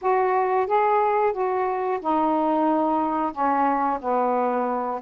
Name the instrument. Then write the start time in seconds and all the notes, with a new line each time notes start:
saxophone
0.02 F#4
0.66 G#4
1.32 F#4
2.00 D#4
3.32 C#4
4.00 B3